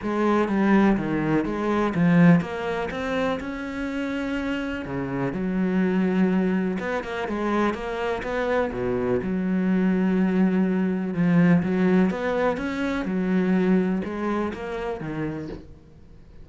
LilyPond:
\new Staff \with { instrumentName = "cello" } { \time 4/4 \tempo 4 = 124 gis4 g4 dis4 gis4 | f4 ais4 c'4 cis'4~ | cis'2 cis4 fis4~ | fis2 b8 ais8 gis4 |
ais4 b4 b,4 fis4~ | fis2. f4 | fis4 b4 cis'4 fis4~ | fis4 gis4 ais4 dis4 | }